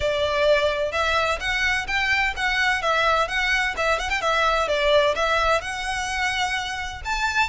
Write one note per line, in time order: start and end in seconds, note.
0.00 0.92 D5
0.92 1.38 E5
1.40 1.86 F#5
1.87 2.34 G5
2.36 2.81 F#5
2.81 3.27 E5
3.27 3.74 F#5
3.76 3.98 E5
3.98 4.09 F#5
4.09 4.21 G5
4.21 4.68 E5
4.68 5.15 D5
5.15 5.61 E5
5.61 7.01 F#5
7.04 7.49 A5